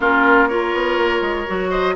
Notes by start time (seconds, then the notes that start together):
0.00 A#3 C#4 F4 A#4
0.48 F4 A#4 C#5
0.73 B3
0.98 A#3
1.21 G#3
1.47 F#3 F#4
1.70 C5 D#5